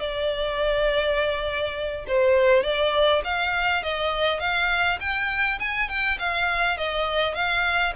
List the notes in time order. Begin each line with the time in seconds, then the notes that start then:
0.00 D5
2.08 C5
2.64 D5
3.25 F5
3.83 D#5
4.40 F5
5.01 G5
5.60 G#5
5.89 G5
6.20 F5
6.78 D#5
7.35 F5